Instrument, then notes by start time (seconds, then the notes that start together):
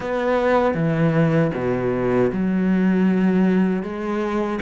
cello
0.00 B3
0.74 E3
1.54 B2
2.32 F#3
3.83 G#3